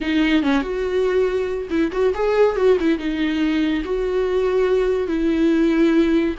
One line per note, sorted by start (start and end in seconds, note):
0.00 0.43 D#4
0.43 0.62 C#4
0.62 1.68 F#4
1.69 1.91 E4
1.91 2.13 F#4
2.14 2.56 G#4
2.56 2.77 F#4
2.79 2.98 E4
2.98 3.83 D#4
3.84 5.07 F#4
5.07 6.35 E4